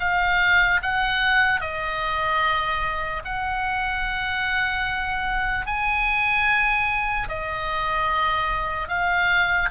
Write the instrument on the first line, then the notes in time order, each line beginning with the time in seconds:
oboe
0.00 F5
0.83 F#5
1.60 D#5
3.24 F#5
5.66 G#5
7.29 D#5
8.88 F5